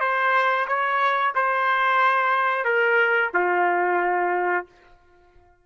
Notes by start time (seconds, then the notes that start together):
0.00 C5
0.67 C#5
1.35 C5
2.64 A#4
3.34 F4